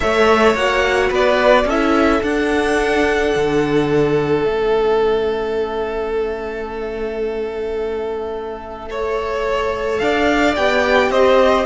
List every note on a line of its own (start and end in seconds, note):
0.00 0.55 A3
0.00 0.55 A4
0.00 1.09 C#5
0.00 0.56 E5
0.55 1.10 A#3
0.55 1.67 F#4
0.55 1.11 F#5
1.09 1.65 B3
1.09 1.65 B4
1.09 1.69 D5
1.65 2.20 C#4
1.65 2.23 E4
1.65 8.89 A4
1.65 2.22 E5
2.22 3.34 D4
2.22 4.44 D4
2.22 4.42 F#5
3.35 4.44 D3
4.42 10.00 A3
4.42 8.88 C#4
4.42 9.98 E5
8.88 10.55 A4
8.88 10.01 C#5
9.98 10.56 D4
9.98 11.11 D5
9.98 10.53 F5
10.56 11.10 B3
10.56 11.65 G4
10.56 11.11 G5
11.10 11.65 C4
11.10 11.65 C5
11.10 11.65 D#5